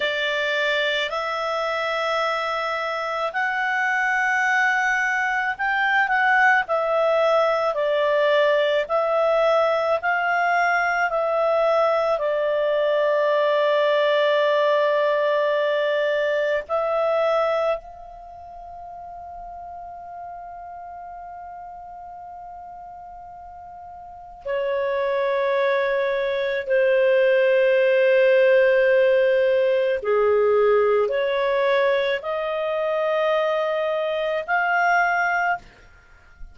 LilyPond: \new Staff \with { instrumentName = "clarinet" } { \time 4/4 \tempo 4 = 54 d''4 e''2 fis''4~ | fis''4 g''8 fis''8 e''4 d''4 | e''4 f''4 e''4 d''4~ | d''2. e''4 |
f''1~ | f''2 cis''2 | c''2. gis'4 | cis''4 dis''2 f''4 | }